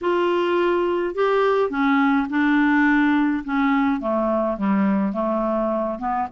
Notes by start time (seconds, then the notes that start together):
0.01 F4
1.14 G4
1.70 C#4
2.29 D4
3.44 C#4
4.00 A3
4.57 G3
5.12 A3
5.98 B3